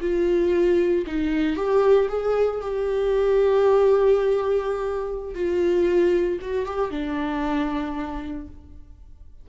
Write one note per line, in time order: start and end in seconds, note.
0.00 1.04 F4
1.06 1.56 D#4
1.56 2.08 G4
2.08 2.60 G#4
2.61 5.34 G4
5.34 6.38 F4
6.41 6.65 F#4
6.65 6.90 G4
6.90 8.47 D4